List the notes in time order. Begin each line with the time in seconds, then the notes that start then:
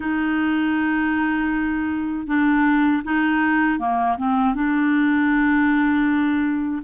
0.00 D#4
2.26 D4
3.04 D#4
3.79 A#3
4.17 C4
4.55 D4